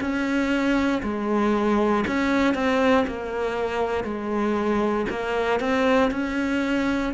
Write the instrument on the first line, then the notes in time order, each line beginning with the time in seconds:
cello
0.00 C#4
1.03 G#3
2.07 C#4
2.54 C4
3.07 A#3
4.04 G#3
5.09 A#3
5.60 C4
6.11 C#4